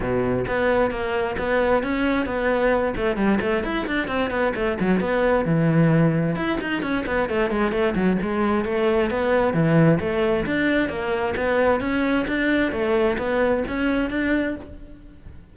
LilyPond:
\new Staff \with { instrumentName = "cello" } { \time 4/4 \tempo 4 = 132 b,4 b4 ais4 b4 | cis'4 b4. a8 g8 a8 | e'8 d'8 c'8 b8 a8 fis8 b4 | e2 e'8 dis'8 cis'8 b8 |
a8 gis8 a8 fis8 gis4 a4 | b4 e4 a4 d'4 | ais4 b4 cis'4 d'4 | a4 b4 cis'4 d'4 | }